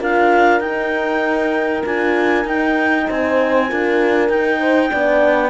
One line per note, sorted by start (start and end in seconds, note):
0.00 0.61 D4
0.00 0.62 F4
0.00 3.06 A#4
0.00 0.61 F5
0.61 1.83 D#4
0.61 1.84 D#4
0.61 1.83 G5
1.86 2.45 D4
1.86 2.47 F4
1.86 2.48 G#5
2.45 3.06 D#4
2.45 3.68 D#4
2.45 3.09 G5
3.08 3.72 C4
3.08 3.69 C5
3.08 4.30 G#5
3.68 4.30 D4
3.68 4.29 F4
3.68 4.60 A#4
4.30 4.91 D#4
4.30 5.51 G5
4.60 4.90 C5
4.91 5.51 B3
4.91 5.51 D4
4.91 5.51 D5